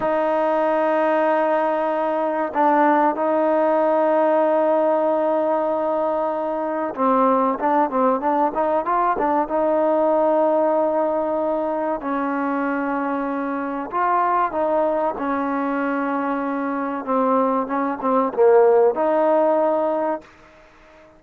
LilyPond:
\new Staff \with { instrumentName = "trombone" } { \time 4/4 \tempo 4 = 95 dis'1 | d'4 dis'2.~ | dis'2. c'4 | d'8 c'8 d'8 dis'8 f'8 d'8 dis'4~ |
dis'2. cis'4~ | cis'2 f'4 dis'4 | cis'2. c'4 | cis'8 c'8 ais4 dis'2 | }